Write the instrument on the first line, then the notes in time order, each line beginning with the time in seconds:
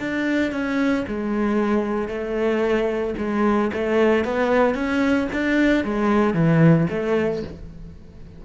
cello
0.00 D4
0.52 C#4
1.08 G#3
2.09 A3
3.18 G#3
3.74 A3
4.25 B3
4.75 C#4
5.33 D4
5.85 G#3
6.34 E3
6.90 A3